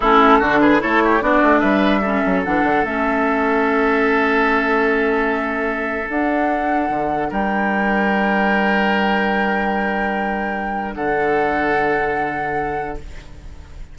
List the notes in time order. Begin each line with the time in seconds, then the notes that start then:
0.00 A3 C#4 E4 A4
0.39 D3 D4 F#4
0.60 G#4 B4
0.79 A3 E4 A4 C#5
1.03 G4
1.21 B3 D4 F#4 D5
1.42 A3
1.59 G3 B4 E5
2.00 C#4 A4
2.25 F#3
2.44 E3 D4 F#5
2.63 D3
2.83 A3 C#4 E5
6.06 D4 F#5
6.89 D3
7.30 G3 A#4 G5
10.94 D3 A4 F#5